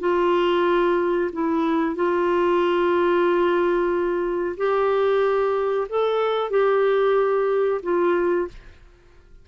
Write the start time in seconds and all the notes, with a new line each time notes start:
0.00 F4
1.33 E4
1.95 F4
4.57 G4
5.89 A4
6.50 G4
7.83 F4